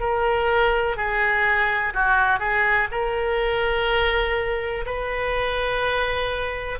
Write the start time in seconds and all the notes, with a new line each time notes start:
0.00 A#4
0.97 G#4
1.94 F#4
2.39 G#4
2.92 A#4
4.86 B4